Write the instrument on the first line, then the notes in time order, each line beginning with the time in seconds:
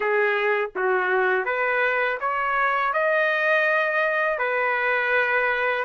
trumpet
0.00 G#4
0.75 F#4
1.45 B4
2.20 C#5
2.93 D#5
4.38 B4